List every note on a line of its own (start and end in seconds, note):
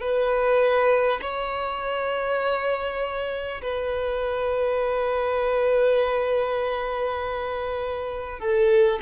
0.00 1.20 B4
1.21 3.61 C#5
3.61 8.39 B4
8.39 8.99 A4